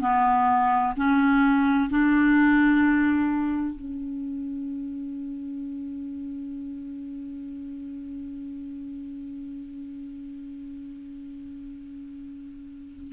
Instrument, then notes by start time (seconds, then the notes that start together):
clarinet
0.00 B3
0.96 C#4
1.89 D4
3.75 C#4